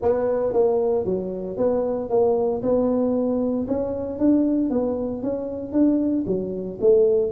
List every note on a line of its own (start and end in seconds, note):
0.02 0.53 B3
0.53 1.04 A#3
1.04 1.57 F#3
1.57 2.09 B3
2.09 2.62 A#3
2.62 3.66 B3
3.67 4.19 C#4
4.19 4.70 D4
4.70 5.22 B3
5.22 5.72 C#4
5.72 6.24 D4
6.26 6.78 F#3
6.80 7.31 A3